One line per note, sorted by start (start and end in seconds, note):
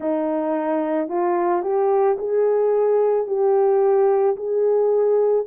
0.00 1.08 D#4
1.08 1.62 F4
1.62 2.16 G4
2.18 3.27 G#4
3.27 4.36 G4
4.36 5.45 G#4